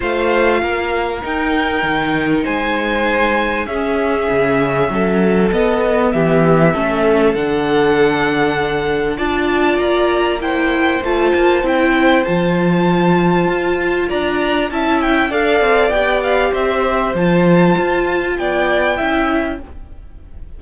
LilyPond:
<<
  \new Staff \with { instrumentName = "violin" } { \time 4/4 \tempo 4 = 98 f''2 g''2 | gis''2 e''2~ | e''4 dis''4 e''2 | fis''2. a''4 |
ais''4 g''4 a''4 g''4 | a''2. ais''4 | a''8 g''8 f''4 g''8 f''8 e''4 | a''2 g''2 | }
  \new Staff \with { instrumentName = "violin" } { \time 4/4 c''4 ais'2. | c''2 gis'2 | a'2 g'4 a'4~ | a'2. d''4~ |
d''4 c''2.~ | c''2. d''4 | e''4 d''2 c''4~ | c''2 d''4 e''4 | }
  \new Staff \with { instrumentName = "viola" } { \time 4/4 f'2 dis'2~ | dis'2 cis'2~ | cis'4 b2 cis'4 | d'2. f'4~ |
f'4 e'4 f'4 e'4 | f'1 | e'4 a'4 g'2 | f'2. e'4 | }
  \new Staff \with { instrumentName = "cello" } { \time 4/4 a4 ais4 dis'4 dis4 | gis2 cis'4 cis4 | fis4 b4 e4 a4 | d2. d'4 |
ais2 a8 ais8 c'4 | f2 f'4 d'4 | cis'4 d'8 c'8 b4 c'4 | f4 f'4 b4 cis'4 | }
>>